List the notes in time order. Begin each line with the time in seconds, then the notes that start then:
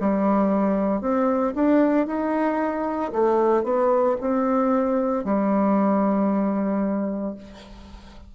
0.00 G3
1.00 C4
1.55 D4
2.06 D#4
3.12 A3
3.63 B3
4.20 C4
5.24 G3